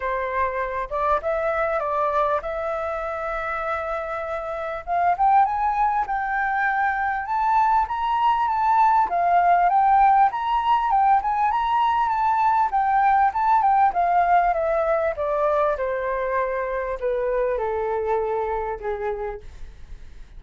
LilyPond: \new Staff \with { instrumentName = "flute" } { \time 4/4 \tempo 4 = 99 c''4. d''8 e''4 d''4 | e''1 | f''8 g''8 gis''4 g''2 | a''4 ais''4 a''4 f''4 |
g''4 ais''4 g''8 gis''8 ais''4 | a''4 g''4 a''8 g''8 f''4 | e''4 d''4 c''2 | b'4 a'2 gis'4 | }